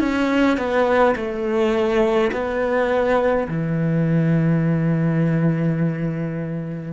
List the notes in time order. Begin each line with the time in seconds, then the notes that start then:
0.00 C#4
0.57 B3
1.16 A3
2.32 B3
3.48 E3